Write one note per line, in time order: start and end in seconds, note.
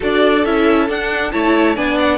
0.00 0.45 D4
0.00 0.42 F#4
0.00 1.32 A4
0.00 0.44 D5
0.44 0.88 C#4
0.44 0.89 E4
0.44 0.89 E5
0.88 1.32 D4
0.88 1.31 F#5
1.31 1.76 A3
1.31 1.76 E4
1.31 1.75 C#5
1.31 1.75 A5
1.75 2.18 B3
1.75 2.18 D4
1.75 2.18 D5
1.75 1.98 G#5
1.99 2.18 F#5